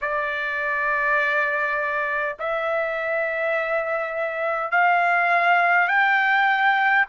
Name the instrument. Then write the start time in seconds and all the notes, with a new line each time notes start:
trumpet
0.01 D5
2.39 E5
4.71 F5
5.88 G5